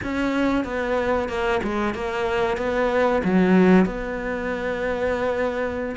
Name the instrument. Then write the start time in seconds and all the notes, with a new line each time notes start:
cello
0.03 C#4
0.64 B3
1.28 A#3
1.63 G#3
1.94 A#3
2.57 B3
3.24 F#3
3.85 B3